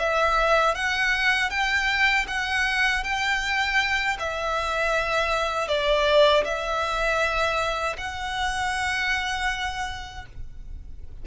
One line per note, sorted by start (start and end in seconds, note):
0.00 0.76 E5
0.76 1.51 F#5
1.51 2.26 G5
2.28 3.04 F#5
3.04 4.18 G5
4.20 5.69 E5
5.69 6.45 D5
6.45 7.97 E5
7.98 10.26 F#5